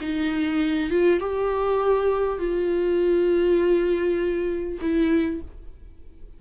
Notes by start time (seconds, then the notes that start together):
0.00 D#4
0.90 F4
1.19 G4
2.38 F4
4.81 E4